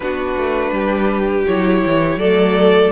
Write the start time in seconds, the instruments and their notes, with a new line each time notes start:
0.00 cello B3, viola D4, violin F#4 B4
0.37 cello A3
0.71 cello G3, violin G4
1.46 cello F#3, viola E4, violin C#5
1.85 cello E3
2.16 cello F#3, viola A3, violin A4 D5